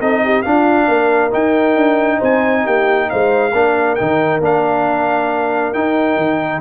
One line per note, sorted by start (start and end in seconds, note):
0.00 0.45 C4
0.00 0.44 D#4
0.00 0.22 A4
0.00 0.42 D#5
0.24 0.46 G4
0.42 1.31 D4
0.42 0.88 D4
0.42 0.88 F4
0.42 1.30 F5
0.88 1.32 A#3
0.88 2.17 A#4
1.31 3.51 D#4
1.31 1.76 D#4
1.31 2.22 G5
1.76 2.20 D4
2.17 2.66 C4
2.17 2.61 C5
2.17 2.67 G#5
2.64 3.11 A#3
2.64 3.08 G4
2.64 3.10 G5
3.10 3.53 G#3
3.10 3.52 C5
3.10 3.95 F5
3.52 3.97 A#3
3.52 3.98 D4
3.52 6.61 A#4
3.95 4.40 D#3
3.95 4.41 D#4
3.95 4.39 G5
4.40 5.72 A#3
4.40 5.74 D4
4.40 5.73 F5
5.73 6.61 D#4
5.73 6.17 D#4
5.73 6.61 G5
6.17 6.61 D#3